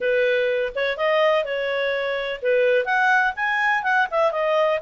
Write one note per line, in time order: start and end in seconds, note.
0.00 0.72 B4
0.75 0.97 C#5
0.97 1.44 D#5
1.44 2.40 C#5
2.42 2.85 B4
2.85 3.33 F#5
3.36 3.83 G#5
3.83 4.07 F#5
4.10 4.31 E5
4.31 4.79 D#5